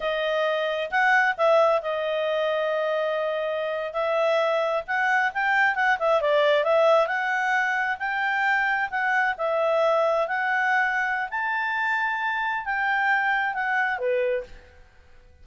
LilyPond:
\new Staff \with { instrumentName = "clarinet" } { \time 4/4 \tempo 4 = 133 dis''2 fis''4 e''4 | dis''1~ | dis''8. e''2 fis''4 g''16~ | g''8. fis''8 e''8 d''4 e''4 fis''16~ |
fis''4.~ fis''16 g''2 fis''16~ | fis''8. e''2 fis''4~ fis''16~ | fis''4 a''2. | g''2 fis''4 b'4 | }